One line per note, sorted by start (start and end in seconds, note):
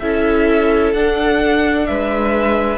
0.00 0.94 C#4
0.00 0.95 E4
0.00 1.88 A4
0.00 0.93 E5
0.93 1.88 D4
0.93 2.78 D4
0.93 1.87 F#5
1.87 2.78 G#3
1.87 2.78 B4
1.87 2.78 E5